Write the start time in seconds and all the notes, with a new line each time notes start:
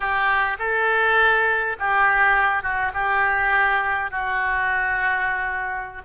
0.00 G4
0.59 A4
1.79 G4
2.62 F#4
2.93 G4
4.10 F#4